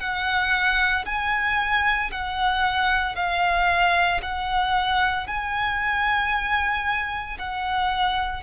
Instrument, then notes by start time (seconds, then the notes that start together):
violin
0.00 F#5
1.05 G#5
2.11 F#5
3.15 F5
4.22 F#5
5.27 G#5
7.38 F#5